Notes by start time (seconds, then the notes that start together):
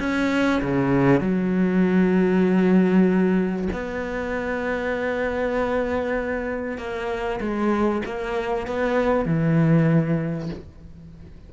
0.00 C#4
0.62 C#3
1.21 F#3
3.73 B3
6.78 A#3
7.41 G#3
8.06 A#3
8.67 B3
9.26 E3